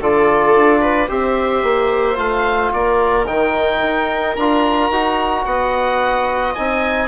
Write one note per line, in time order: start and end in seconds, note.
0.00 0.55 D3
0.00 1.08 F4
0.00 0.81 A4
0.00 1.10 D5
0.55 1.09 D4
0.81 1.08 B4
1.08 1.63 C4
1.08 2.16 G4
1.08 2.72 C5
1.08 2.18 E5
1.63 2.17 A#3
2.16 2.72 A3
2.16 3.25 F4
2.16 2.72 F5
2.73 3.28 A#3
2.73 5.46 A#4
2.73 3.26 D5
3.26 3.82 D#3
3.26 4.36 D#4
3.26 4.36 G5
3.82 4.37 D#4
4.36 4.90 D4
4.36 4.92 F4
4.36 5.45 A#5
4.90 5.45 D#4
4.90 6.56 F#4
5.45 6.55 B3
5.45 7.08 D#5
5.45 6.54 F#5
6.54 7.08 C4
6.54 7.08 D#4
6.54 7.08 G#5